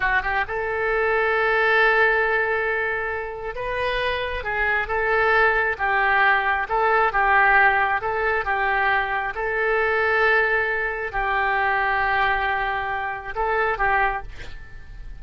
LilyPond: \new Staff \with { instrumentName = "oboe" } { \time 4/4 \tempo 4 = 135 fis'8 g'8 a'2.~ | a'1 | b'2 gis'4 a'4~ | a'4 g'2 a'4 |
g'2 a'4 g'4~ | g'4 a'2.~ | a'4 g'2.~ | g'2 a'4 g'4 | }